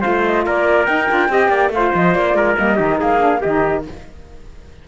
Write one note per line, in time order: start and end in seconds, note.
0.00 0.46 A3
0.00 0.85 F4
0.00 0.43 C5
0.00 0.22 F5
0.24 0.46 D#5
0.45 0.88 A#3
0.45 1.31 A#4
0.45 0.85 D5
0.85 1.07 D#4
0.85 1.09 D#4
0.85 1.70 G5
1.09 1.28 D4
1.09 1.29 F4
1.28 1.48 C4
1.28 1.72 G4
1.28 1.49 D#5
1.48 1.69 A#3
1.48 1.70 D5
1.69 1.91 A3
1.69 2.55 F4
1.69 2.36 C5
1.69 1.94 F5
1.94 2.15 F3
1.94 2.14 D#5
2.14 2.34 A#3
2.14 2.57 D5
2.34 2.55 G#3
2.34 2.76 A#4
2.55 2.80 G3
2.55 2.77 A#3
2.55 3.00 D#5
2.76 3.01 D#3
2.76 3.18 D#4
2.76 2.97 G4
2.99 3.43 A#3
2.99 3.41 G#4
2.99 3.42 F5
3.18 3.40 D4
3.41 3.87 D#3
3.41 3.88 D#4
3.41 3.84 G4
3.41 3.85 D#5